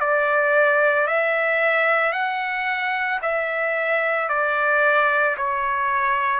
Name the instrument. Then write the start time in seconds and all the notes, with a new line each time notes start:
trumpet
0.00 D5
1.07 E5
2.12 F#5
3.21 E5
4.29 D5
5.37 C#5